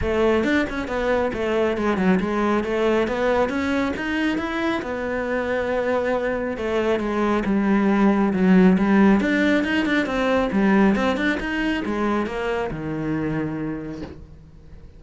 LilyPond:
\new Staff \with { instrumentName = "cello" } { \time 4/4 \tempo 4 = 137 a4 d'8 cis'8 b4 a4 | gis8 fis8 gis4 a4 b4 | cis'4 dis'4 e'4 b4~ | b2. a4 |
gis4 g2 fis4 | g4 d'4 dis'8 d'8 c'4 | g4 c'8 d'8 dis'4 gis4 | ais4 dis2. | }